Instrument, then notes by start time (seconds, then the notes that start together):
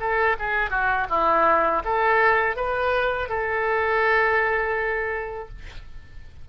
oboe
0.00 A4
0.39 G#4
0.71 F#4
1.10 E4
1.85 A4
2.56 B4
3.30 A4